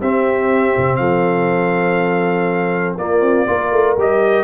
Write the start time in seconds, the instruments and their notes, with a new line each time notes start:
0.00 tuba C4, trombone C4, horn G4, trumpet E5
0.78 tuba C3
0.97 tuba F3, horn A4, trumpet F5
2.98 tuba A#3, trombone A#3, horn F4, trumpet D5
3.21 tuba C4
3.47 tuba A#3, trombone F4, horn A#4
3.72 tuba A3
3.97 tuba G3, trombone G4, trumpet D#5